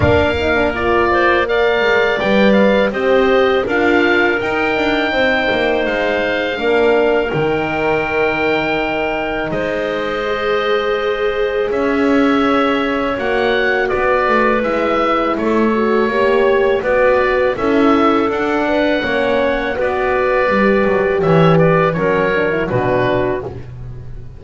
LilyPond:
<<
  \new Staff \with { instrumentName = "oboe" } { \time 4/4 \tempo 4 = 82 f''4 d''4 f''4 g''8 f''8 | dis''4 f''4 g''2 | f''2 g''2~ | g''4 dis''2. |
e''2 fis''4 d''4 | e''4 cis''2 d''4 | e''4 fis''2 d''4~ | d''4 e''8 d''8 cis''4 b'4 | }
  \new Staff \with { instrumentName = "clarinet" } { \time 4/4 ais'4. c''8 d''2 | c''4 ais'2 c''4~ | c''4 ais'2.~ | ais'4 c''2. |
cis''2. b'4~ | b'4 a'4 cis''4 b'4 | a'4. b'8 cis''4 b'4~ | b'4 cis''8 b'8 ais'4 fis'4 | }
  \new Staff \with { instrumentName = "horn" } { \time 4/4 d'8 dis'16 d'16 f'4 ais'4 b'4 | g'4 f'4 dis'2~ | dis'4 d'4 dis'2~ | dis'2 gis'2~ |
gis'2 fis'2 | e'4. fis'8 g'4 fis'4 | e'4 d'4 cis'4 fis'4 | g'2 cis'8 d'16 e'16 d'4 | }
  \new Staff \with { instrumentName = "double bass" } { \time 4/4 ais2~ ais8 gis8 g4 | c'4 d'4 dis'8 d'8 c'8 ais8 | gis4 ais4 dis2~ | dis4 gis2. |
cis'2 ais4 b8 a8 | gis4 a4 ais4 b4 | cis'4 d'4 ais4 b4 | g8 fis8 e4 fis4 b,4 | }
>>